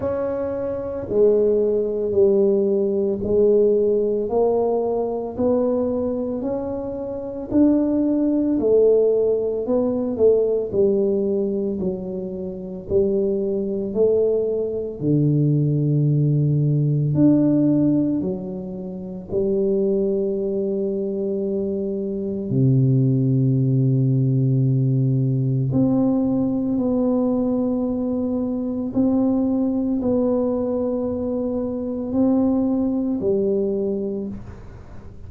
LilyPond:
\new Staff \with { instrumentName = "tuba" } { \time 4/4 \tempo 4 = 56 cis'4 gis4 g4 gis4 | ais4 b4 cis'4 d'4 | a4 b8 a8 g4 fis4 | g4 a4 d2 |
d'4 fis4 g2~ | g4 c2. | c'4 b2 c'4 | b2 c'4 g4 | }